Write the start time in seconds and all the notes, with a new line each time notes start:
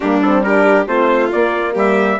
0.00 G3 A#3 D4 G4
0.22 C4 A4
0.43 D4 G4 A#4
0.86 A3 C4 F4 C5
1.31 A#3 D5
1.73 G3 G4 E5